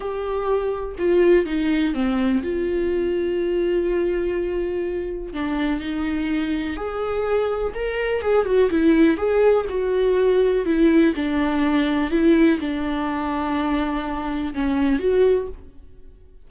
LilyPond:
\new Staff \with { instrumentName = "viola" } { \time 4/4 \tempo 4 = 124 g'2 f'4 dis'4 | c'4 f'2.~ | f'2. d'4 | dis'2 gis'2 |
ais'4 gis'8 fis'8 e'4 gis'4 | fis'2 e'4 d'4~ | d'4 e'4 d'2~ | d'2 cis'4 fis'4 | }